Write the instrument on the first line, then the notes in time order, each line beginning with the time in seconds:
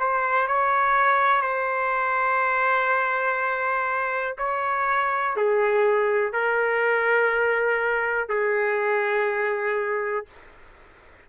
trumpet
0.00 C5
0.48 C#5
1.42 C5
4.39 C#5
5.37 G#4
6.33 A#4
8.29 G#4